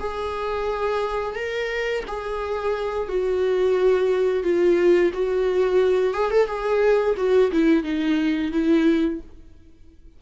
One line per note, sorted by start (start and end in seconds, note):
0.00 1.36 G#4
1.36 2.04 A#4
2.07 3.09 G#4
3.09 4.43 F#4
4.43 5.12 F4
5.14 6.14 F#4
6.14 6.31 G#4
6.31 6.47 A4
6.47 7.15 G#4
7.17 7.51 F#4
7.52 7.84 E4
7.84 8.52 D#4
8.52 9.20 E4